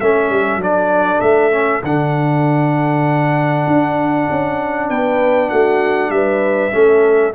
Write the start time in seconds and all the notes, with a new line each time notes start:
0.00 A3 C#4 A4 E5
0.30 G3
0.57 F#3 D4 D5
1.21 A3 E5
1.52 C#4
1.84 D3 D4 F#5
3.67 D4
4.31 C#4
4.90 B3 B4 G5
5.49 A3 F#4 F#5
6.10 G3 B4 E5
6.72 A3 C#4 A4